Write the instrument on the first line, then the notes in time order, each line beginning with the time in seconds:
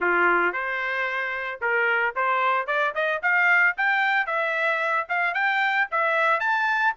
trumpet
0.00 F4
0.52 C5
1.61 A#4
2.15 C5
2.66 D5
2.94 D#5
3.22 F5
3.77 G5
4.26 E5
5.08 F5
5.34 G5
5.91 E5
6.40 A5